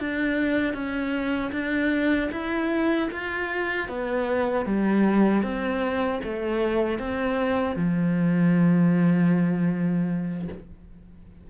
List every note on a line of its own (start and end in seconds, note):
0.00 0.74 D4
0.74 1.52 C#4
1.52 2.30 D4
2.32 3.10 E4
3.12 3.89 F4
3.89 4.66 B3
4.66 5.43 G3
5.43 6.21 C4
6.24 6.99 A3
6.99 7.76 C4
7.76 10.48 F3